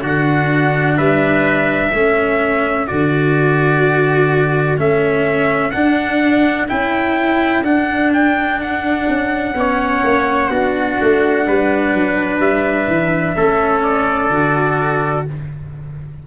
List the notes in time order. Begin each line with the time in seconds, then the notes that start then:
0.00 D3 D4 F#4 F#5
0.97 G3 B4 E5
1.90 A3 C#4 A4
2.87 D3 F#4 D5
4.77 A3 C#4 E5
5.70 D4 F#5
6.67 C#4 E4 G5
7.62 D4 F#5
8.13 G5
8.61 F#5
9.08 C#4
9.54 B3 C#4 C#5
10.03 A#3
10.49 B3 D4 F#4
11.00 A3
11.46 G3 B4
11.93 F#3
12.38 G3 E5
12.87 E3
13.36 A3 C#4 A4
13.83 D5
14.30 D3 F#4